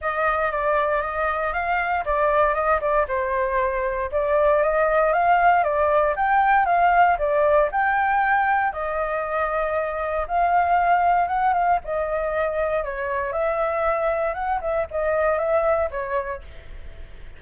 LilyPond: \new Staff \with { instrumentName = "flute" } { \time 4/4 \tempo 4 = 117 dis''4 d''4 dis''4 f''4 | d''4 dis''8 d''8 c''2 | d''4 dis''4 f''4 d''4 | g''4 f''4 d''4 g''4~ |
g''4 dis''2. | f''2 fis''8 f''8 dis''4~ | dis''4 cis''4 e''2 | fis''8 e''8 dis''4 e''4 cis''4 | }